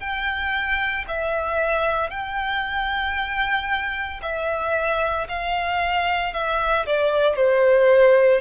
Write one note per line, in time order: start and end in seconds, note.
0.00 1.05 G5
1.08 2.11 E5
2.11 4.21 G5
4.22 5.28 E5
5.29 6.33 F5
6.33 6.86 E5
6.87 7.36 D5
7.36 8.42 C5